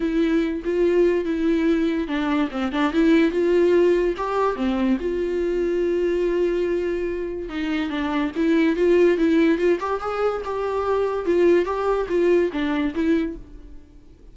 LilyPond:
\new Staff \with { instrumentName = "viola" } { \time 4/4 \tempo 4 = 144 e'4. f'4. e'4~ | e'4 d'4 c'8 d'8 e'4 | f'2 g'4 c'4 | f'1~ |
f'2 dis'4 d'4 | e'4 f'4 e'4 f'8 g'8 | gis'4 g'2 f'4 | g'4 f'4 d'4 e'4 | }